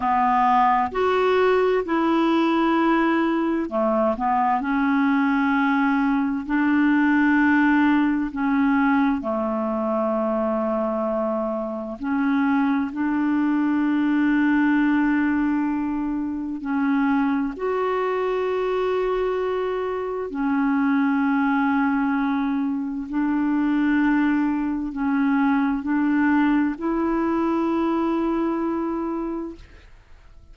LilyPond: \new Staff \with { instrumentName = "clarinet" } { \time 4/4 \tempo 4 = 65 b4 fis'4 e'2 | a8 b8 cis'2 d'4~ | d'4 cis'4 a2~ | a4 cis'4 d'2~ |
d'2 cis'4 fis'4~ | fis'2 cis'2~ | cis'4 d'2 cis'4 | d'4 e'2. | }